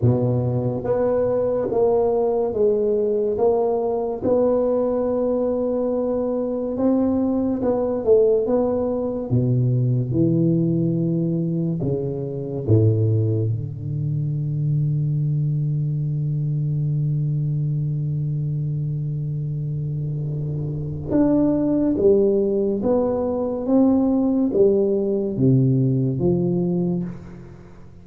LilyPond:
\new Staff \with { instrumentName = "tuba" } { \time 4/4 \tempo 4 = 71 b,4 b4 ais4 gis4 | ais4 b2. | c'4 b8 a8 b4 b,4 | e2 cis4 a,4 |
d1~ | d1~ | d4 d'4 g4 b4 | c'4 g4 c4 f4 | }